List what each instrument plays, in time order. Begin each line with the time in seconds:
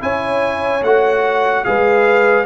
0.00 tuba C#4, trombone E4, horn C#5, trumpet G#5
0.82 tuba A3, trombone F#4, trumpet F#5
1.64 tuba G#3, trombone G#4, horn B4, trumpet F5